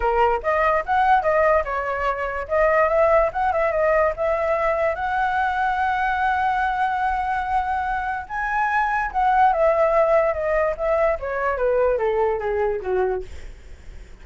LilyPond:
\new Staff \with { instrumentName = "flute" } { \time 4/4 \tempo 4 = 145 ais'4 dis''4 fis''4 dis''4 | cis''2 dis''4 e''4 | fis''8 e''8 dis''4 e''2 | fis''1~ |
fis''1 | gis''2 fis''4 e''4~ | e''4 dis''4 e''4 cis''4 | b'4 a'4 gis'4 fis'4 | }